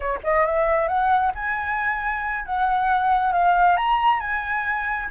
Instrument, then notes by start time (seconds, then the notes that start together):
flute
0.00 C#5
0.23 D#5
0.45 E5
0.88 F#5
1.34 G#5
2.45 F#5
3.32 F5
3.77 A#5
4.19 G#5